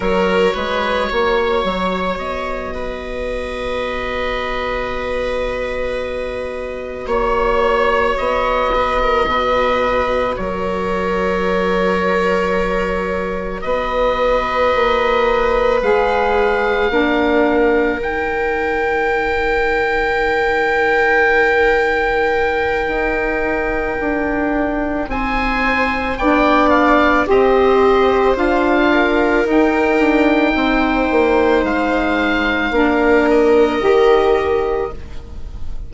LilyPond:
<<
  \new Staff \with { instrumentName = "oboe" } { \time 4/4 \tempo 4 = 55 cis''2 dis''2~ | dis''2~ dis''8 cis''4 dis''8~ | dis''4. cis''2~ cis''8~ | cis''8 dis''2 f''4.~ |
f''8 g''2.~ g''8~ | g''2. gis''4 | g''8 f''8 dis''4 f''4 g''4~ | g''4 f''4. dis''4. | }
  \new Staff \with { instrumentName = "viola" } { \time 4/4 ais'8 b'8 cis''4. b'4.~ | b'2~ b'8 cis''4. | b'16 ais'16 b'4 ais'2~ ais'8~ | ais'8 b'2. ais'8~ |
ais'1~ | ais'2. c''4 | d''4 c''4. ais'4. | c''2 ais'2 | }
  \new Staff \with { instrumentName = "saxophone" } { \time 4/4 fis'1~ | fis'1~ | fis'1~ | fis'2~ fis'8 gis'4 d'8~ |
d'8 dis'2.~ dis'8~ | dis'1 | d'4 g'4 f'4 dis'4~ | dis'2 d'4 g'4 | }
  \new Staff \with { instrumentName = "bassoon" } { \time 4/4 fis8 gis8 ais8 fis8 b2~ | b2~ b8 ais4 b8~ | b8 b,4 fis2~ fis8~ | fis8 b4 ais4 gis4 ais8~ |
ais8 dis2.~ dis8~ | dis4 dis'4 d'4 c'4 | b4 c'4 d'4 dis'8 d'8 | c'8 ais8 gis4 ais4 dis4 | }
>>